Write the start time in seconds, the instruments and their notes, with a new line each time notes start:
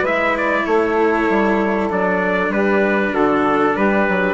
0.00 bassoon G#3, cello E4, saxophone B4, trumpet E5
0.37 trumpet D5
0.66 bassoon A3, saxophone A4, trumpet C#5
1.29 bassoon G3
1.90 bassoon F#3, cello D4, trumpet D5
2.49 bassoon G3, saxophone G4, trumpet B4
3.11 bassoon D3, saxophone F#4, trumpet A4
3.76 bassoon G3, saxophone G4, trumpet B4
4.09 bassoon F#3